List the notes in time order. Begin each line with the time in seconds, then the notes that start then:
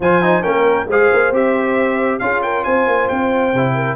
0.00 F3 F4 C5 G#5
0.22 D#4
0.42 A#3 C#4 A#4 G5
0.87 G#3 G#4 C5 F5
1.12 A#3
1.31 C4 G4 E5
2.19 C#4 F4 G#4 F5
2.42 A#4 G5
2.63 C4 C5 G#5
2.86 A#3
3.08 C4 G5
3.53 C3 E4
3.74 A#4